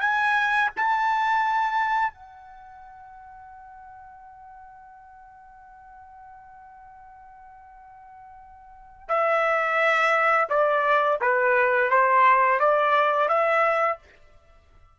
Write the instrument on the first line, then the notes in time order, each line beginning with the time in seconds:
trumpet
0.00 G#5
0.76 A5
2.12 F#5
9.08 E5
10.49 D5
11.21 B4
11.90 C5
12.59 D5
13.28 E5